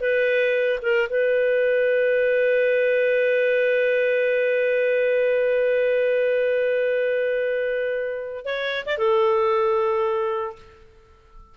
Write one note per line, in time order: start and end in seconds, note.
0.00 0.79 B4
0.82 1.08 A#4
1.09 8.45 B4
8.45 8.84 C#5
8.85 8.97 D5
8.97 10.55 A4